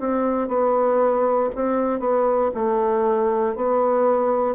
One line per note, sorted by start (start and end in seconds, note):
0.00 0.48 C4
0.48 1.50 B3
1.55 2.00 C4
2.00 2.51 B3
2.54 3.55 A3
3.55 4.55 B3